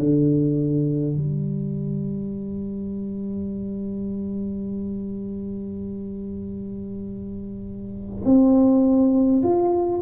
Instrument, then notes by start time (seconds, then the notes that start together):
tuba
0.00 D3
1.18 G3
8.25 C4
9.43 F4